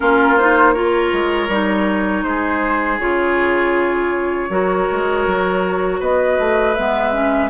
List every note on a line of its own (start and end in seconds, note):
0.00 1.12 A#3
0.00 0.37 C#4
0.00 0.74 F4
0.00 0.37 A#4
0.37 0.74 D#4
0.37 0.73 C5
0.73 1.49 F4
0.73 2.24 A#4
0.73 2.23 C#5
1.12 1.48 G#3
1.48 2.23 G3
1.48 2.99 D#4
2.23 2.98 G#3
2.23 4.50 G#4
2.23 2.98 C5
2.99 4.49 C#3
2.99 4.49 F4
2.99 6.00 C#5
4.49 4.87 F#3
4.49 6.74 F#4
4.49 5.99 A#4
4.91 5.26 G#3
5.26 6.00 F#3
5.99 6.38 B3
5.99 7.49 B4
5.99 6.74 D#5
6.38 6.76 A3
6.74 7.50 G#3
6.74 7.12 B3
6.74 7.49 E5
7.12 7.50 C#4